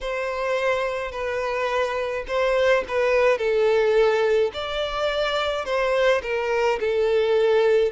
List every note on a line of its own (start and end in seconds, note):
0.00 1.11 C5
1.11 2.24 B4
2.27 2.84 C5
2.88 3.38 B4
3.38 4.51 A4
4.53 5.64 D5
5.64 6.21 C5
6.22 6.79 A#4
6.79 7.91 A4